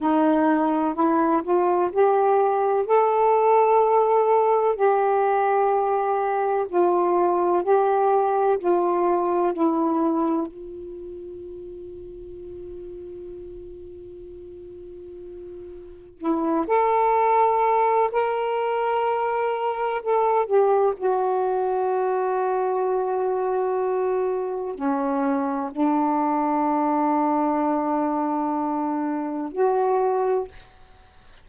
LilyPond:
\new Staff \with { instrumentName = "saxophone" } { \time 4/4 \tempo 4 = 63 dis'4 e'8 f'8 g'4 a'4~ | a'4 g'2 f'4 | g'4 f'4 e'4 f'4~ | f'1~ |
f'4 e'8 a'4. ais'4~ | ais'4 a'8 g'8 fis'2~ | fis'2 cis'4 d'4~ | d'2. fis'4 | }